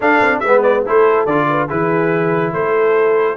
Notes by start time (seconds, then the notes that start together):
0.00 D4 A4 F5
0.21 C4
0.39 G#3 B4 E5
0.46 B3
0.62 D5
0.84 A3 E4 A4 C5
1.26 D3 F4 D5
1.49 B4
1.68 E3 E4 G#4 B4
2.53 A3 A4 C5